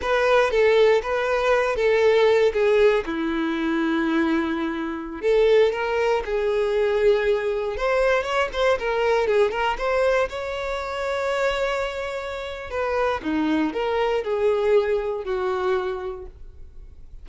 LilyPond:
\new Staff \with { instrumentName = "violin" } { \time 4/4 \tempo 4 = 118 b'4 a'4 b'4. a'8~ | a'4 gis'4 e'2~ | e'2~ e'16 a'4 ais'8.~ | ais'16 gis'2. c''8.~ |
c''16 cis''8 c''8 ais'4 gis'8 ais'8 c''8.~ | c''16 cis''2.~ cis''8.~ | cis''4 b'4 dis'4 ais'4 | gis'2 fis'2 | }